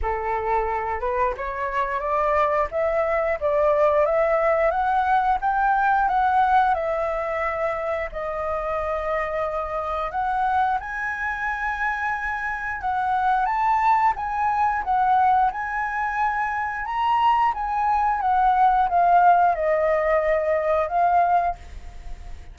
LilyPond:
\new Staff \with { instrumentName = "flute" } { \time 4/4 \tempo 4 = 89 a'4. b'8 cis''4 d''4 | e''4 d''4 e''4 fis''4 | g''4 fis''4 e''2 | dis''2. fis''4 |
gis''2. fis''4 | a''4 gis''4 fis''4 gis''4~ | gis''4 ais''4 gis''4 fis''4 | f''4 dis''2 f''4 | }